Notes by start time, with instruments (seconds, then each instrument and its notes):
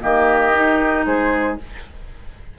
0.00 bassoon D#3, clarinet A#3, oboe G4, flute D#5
0.54 clarinet D#4
1.05 bassoon G#3, oboe G#4, flute C5